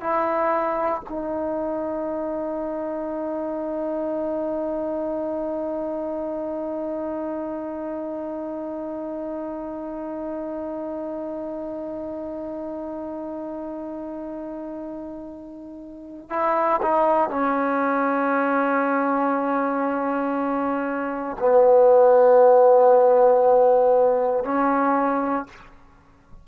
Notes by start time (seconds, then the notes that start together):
0.00 E4
1.09 D#4
16.30 E4
16.82 D#4
17.30 C#4
21.39 B3
24.44 C#4